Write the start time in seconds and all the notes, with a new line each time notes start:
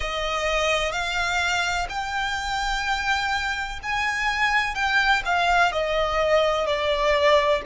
0.00 D#5
0.92 F5
1.89 G5
3.82 G#5
4.74 G5
5.25 F5
5.71 D#5
6.66 D5